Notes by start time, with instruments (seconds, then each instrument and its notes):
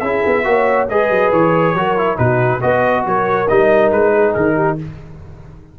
0.00 tuba C#4, trombone E4, horn G#4, trumpet E5
0.26 tuba B3
0.44 tuba A#3, trombone F#4, horn C#5
0.89 tuba G#3, trombone G#4, horn B4, trumpet D#5
1.10 tuba F#3
1.32 tuba E3, trumpet C#5
1.74 tuba F#3, trombone F#4, horn A#4
1.97 trombone E4
2.17 tuba B2, trombone D#4, horn F#4, trumpet B4
2.61 tuba B3, trombone F#4, horn B4, trumpet D#5
3.06 tuba F#3, horn A#4, trumpet C#5
3.48 tuba G3, trombone D#4, trumpet D#5
3.91 tuba G#3, trumpet B4
4.14 horn G#4
4.34 tuba D#3, trumpet A#4
4.55 horn G4